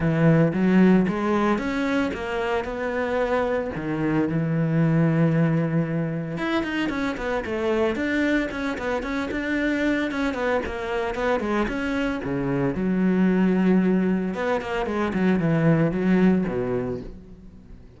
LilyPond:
\new Staff \with { instrumentName = "cello" } { \time 4/4 \tempo 4 = 113 e4 fis4 gis4 cis'4 | ais4 b2 dis4 | e1 | e'8 dis'8 cis'8 b8 a4 d'4 |
cis'8 b8 cis'8 d'4. cis'8 b8 | ais4 b8 gis8 cis'4 cis4 | fis2. b8 ais8 | gis8 fis8 e4 fis4 b,4 | }